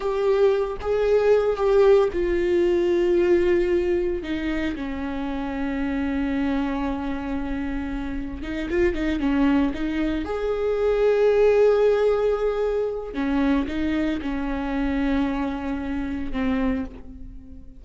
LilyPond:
\new Staff \with { instrumentName = "viola" } { \time 4/4 \tempo 4 = 114 g'4. gis'4. g'4 | f'1 | dis'4 cis'2.~ | cis'1 |
dis'8 f'8 dis'8 cis'4 dis'4 gis'8~ | gis'1~ | gis'4 cis'4 dis'4 cis'4~ | cis'2. c'4 | }